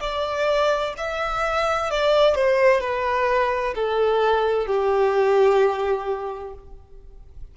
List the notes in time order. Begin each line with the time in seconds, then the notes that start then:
0.00 D5
0.97 E5
1.90 D5
2.35 C5
2.80 B4
3.75 A4
4.66 G4